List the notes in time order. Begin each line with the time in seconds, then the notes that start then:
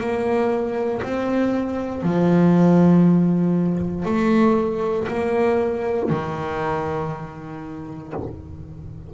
0.00 A#3
1.03 C4
2.02 F3
4.05 A3
5.08 A#3
6.10 D#3